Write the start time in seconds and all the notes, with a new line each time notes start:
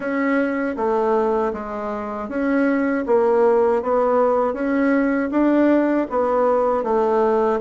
0.00 C#4
0.76 A3
1.53 G#3
2.29 C#4
3.06 A#3
3.82 B3
4.53 C#4
5.31 D4
6.10 B3
6.83 A3